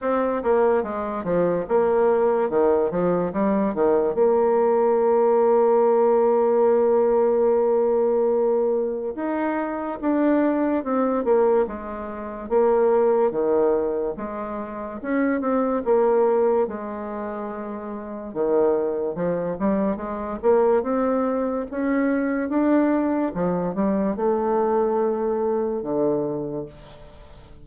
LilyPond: \new Staff \with { instrumentName = "bassoon" } { \time 4/4 \tempo 4 = 72 c'8 ais8 gis8 f8 ais4 dis8 f8 | g8 dis8 ais2.~ | ais2. dis'4 | d'4 c'8 ais8 gis4 ais4 |
dis4 gis4 cis'8 c'8 ais4 | gis2 dis4 f8 g8 | gis8 ais8 c'4 cis'4 d'4 | f8 g8 a2 d4 | }